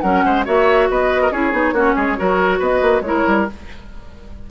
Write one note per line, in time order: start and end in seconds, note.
0.00 0.24 F#3
0.00 0.45 C#4
0.00 0.24 A#4
0.00 0.43 F#5
0.25 0.46 G#3
0.25 0.45 C5
0.45 0.89 A#3
0.45 1.31 F#4
0.45 0.88 C#5
0.45 0.90 E5
0.89 1.31 B3
0.89 1.21 B4
0.89 1.32 D#5
1.21 1.31 A#4
1.31 1.52 C#4
1.31 1.52 E4
1.31 1.74 G#4
1.31 2.61 C#5
1.52 1.72 B3
1.52 1.73 D#4
1.72 1.94 A#3
1.72 2.17 C#4
1.72 1.95 F#4
1.95 2.18 G#3
1.95 2.16 G#4
2.17 2.60 F#3
2.17 3.03 F#4
2.17 2.58 A#4
2.58 2.81 B3
2.58 3.01 B4
2.58 3.01 D#5
2.81 3.01 A#3
3.01 3.22 G#3
3.01 3.47 E4
3.01 3.50 A#4
3.01 3.45 C#5
3.27 3.48 G3